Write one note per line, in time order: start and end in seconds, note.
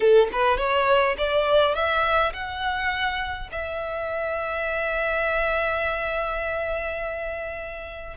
0.00 0.28 A4
0.32 0.57 B4
0.57 1.15 C#5
1.17 1.74 D5
1.74 2.32 E5
2.33 3.50 F#5
3.51 8.17 E5